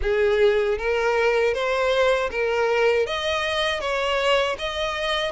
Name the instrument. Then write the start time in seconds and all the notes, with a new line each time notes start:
violin
0.02 G#4
0.78 A#4
1.54 C5
2.30 A#4
3.06 D#5
3.80 C#5
4.58 D#5